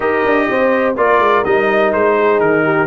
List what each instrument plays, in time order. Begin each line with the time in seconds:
0.00 tuba D#4, trombone G4, horn A#4, trumpet D#5
0.25 tuba D4
0.50 tuba C4, horn C5
0.96 tuba A#3, trombone F4, horn A#4, trumpet D5
1.19 tuba G#3
1.44 tuba G3, trombone D#4, trumpet D#5
1.93 tuba G#3, trumpet C5
2.17 horn G#4
2.40 tuba D#3, trumpet A#4
2.64 horn G4